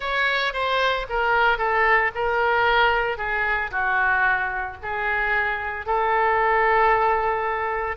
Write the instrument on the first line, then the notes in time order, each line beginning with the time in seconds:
oboe
0.00 C#5
0.53 C5
1.09 A#4
1.58 A4
2.14 A#4
3.17 G#4
3.71 F#4
4.82 G#4
5.86 A4